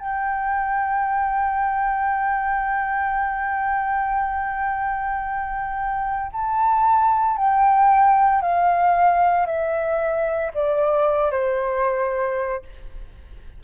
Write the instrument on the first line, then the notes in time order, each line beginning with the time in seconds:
flute
0.00 G5
6.33 A5
7.38 G5
8.42 F5
9.46 E5
10.55 D5
11.32 C5